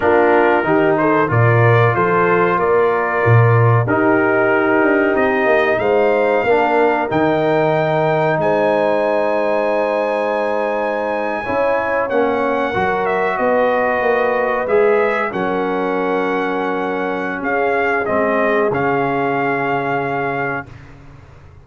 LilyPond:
<<
  \new Staff \with { instrumentName = "trumpet" } { \time 4/4 \tempo 4 = 93 ais'4. c''8 d''4 c''4 | d''2 ais'2 | dis''4 f''2 g''4~ | g''4 gis''2.~ |
gis''2~ gis''8. fis''4~ fis''16~ | fis''16 e''8 dis''2 e''4 fis''16~ | fis''2. f''4 | dis''4 f''2. | }
  \new Staff \with { instrumentName = "horn" } { \time 4/4 f'4 g'8 a'8 ais'4 a'4 | ais'2 g'2~ | g'4 c''4 ais'2~ | ais'4 c''2.~ |
c''4.~ c''16 cis''2 ais'16~ | ais'8. b'2. ais'16~ | ais'2. gis'4~ | gis'1 | }
  \new Staff \with { instrumentName = "trombone" } { \time 4/4 d'4 dis'4 f'2~ | f'2 dis'2~ | dis'2 d'4 dis'4~ | dis'1~ |
dis'4.~ dis'16 e'4 cis'4 fis'16~ | fis'2~ fis'8. gis'4 cis'16~ | cis'1 | c'4 cis'2. | }
  \new Staff \with { instrumentName = "tuba" } { \time 4/4 ais4 dis4 ais,4 f4 | ais4 ais,4 dis'4. d'8 | c'8 ais8 gis4 ais4 dis4~ | dis4 gis2.~ |
gis4.~ gis16 cis'4 ais4 fis16~ | fis8. b4 ais4 gis4 fis16~ | fis2. cis'4 | gis4 cis2. | }
>>